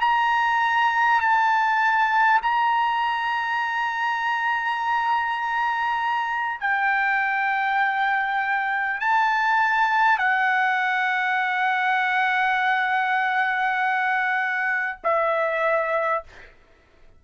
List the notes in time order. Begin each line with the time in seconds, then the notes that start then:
0.00 A#5
1.20 A5
2.42 A#5
6.60 G5
9.00 A5
10.18 F#5
15.03 E5